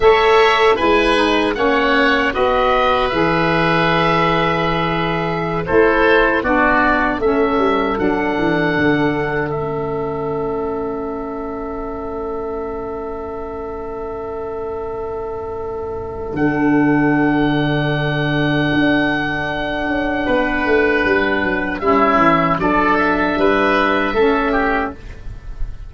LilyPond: <<
  \new Staff \with { instrumentName = "oboe" } { \time 4/4 \tempo 4 = 77 e''4 gis''4 fis''4 dis''4 | e''2.~ e''16 c''8.~ | c''16 d''4 e''4 fis''4.~ fis''16~ | fis''16 e''2.~ e''8.~ |
e''1~ | e''4 fis''2.~ | fis''1 | e''4 d''8 e''2~ e''8 | }
  \new Staff \with { instrumentName = "oboe" } { \time 4/4 cis''4 b'4 cis''4 b'4~ | b'2.~ b'16 a'8.~ | a'16 fis'4 a'2~ a'8.~ | a'1~ |
a'1~ | a'1~ | a'2 b'2 | e'4 a'4 b'4 a'8 g'8 | }
  \new Staff \with { instrumentName = "saxophone" } { \time 4/4 a'4 e'8 dis'8 cis'4 fis'4 | gis'2.~ gis'16 e'8.~ | e'16 d'4 cis'4 d'4.~ d'16~ | d'16 cis'2.~ cis'8.~ |
cis'1~ | cis'4 d'2.~ | d'1 | cis'4 d'2 cis'4 | }
  \new Staff \with { instrumentName = "tuba" } { \time 4/4 a4 gis4 ais4 b4 | e2.~ e16 a8.~ | a16 b4 a8 g8 fis8 e8 d8.~ | d16 a2.~ a8.~ |
a1~ | a4 d2. | d'4. cis'8 b8 a8 g8 fis8 | g8 e8 fis4 g4 a4 | }
>>